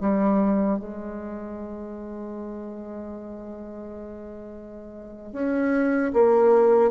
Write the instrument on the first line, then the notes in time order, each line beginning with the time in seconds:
bassoon
0.00 G3
0.79 G#3
5.33 C#4
6.13 A#3